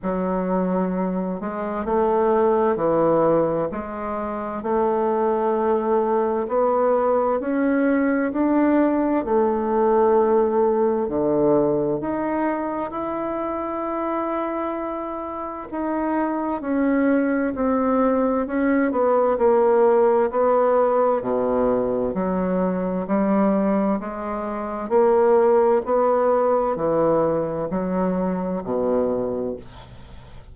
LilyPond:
\new Staff \with { instrumentName = "bassoon" } { \time 4/4 \tempo 4 = 65 fis4. gis8 a4 e4 | gis4 a2 b4 | cis'4 d'4 a2 | d4 dis'4 e'2~ |
e'4 dis'4 cis'4 c'4 | cis'8 b8 ais4 b4 b,4 | fis4 g4 gis4 ais4 | b4 e4 fis4 b,4 | }